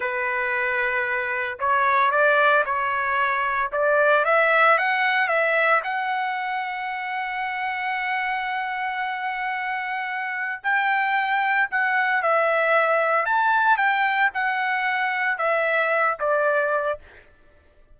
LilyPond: \new Staff \with { instrumentName = "trumpet" } { \time 4/4 \tempo 4 = 113 b'2. cis''4 | d''4 cis''2 d''4 | e''4 fis''4 e''4 fis''4~ | fis''1~ |
fis''1 | g''2 fis''4 e''4~ | e''4 a''4 g''4 fis''4~ | fis''4 e''4. d''4. | }